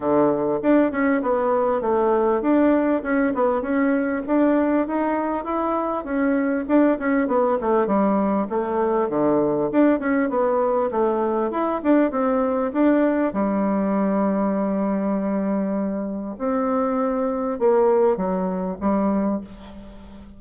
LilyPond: \new Staff \with { instrumentName = "bassoon" } { \time 4/4 \tempo 4 = 99 d4 d'8 cis'8 b4 a4 | d'4 cis'8 b8 cis'4 d'4 | dis'4 e'4 cis'4 d'8 cis'8 | b8 a8 g4 a4 d4 |
d'8 cis'8 b4 a4 e'8 d'8 | c'4 d'4 g2~ | g2. c'4~ | c'4 ais4 fis4 g4 | }